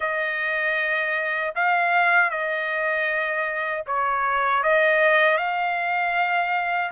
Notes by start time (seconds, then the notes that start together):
0.00 D#5
1.55 F5
2.30 D#5
3.86 C#5
4.63 D#5
5.37 F5